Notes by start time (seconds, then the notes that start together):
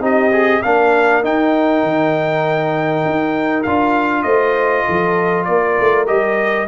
0.00 C4 D#4 G4 D#5
0.32 G#4
0.62 A#3 D4 A#4 F5
1.23 D#4 G5
1.83 D#3
3.05 D#4
3.63 D4 F4 F5
4.23 A3 C5 D#5
4.86 F3 A4
5.44 A#3 A#4 D5
5.80 A3
6.07 G3 G4 D#5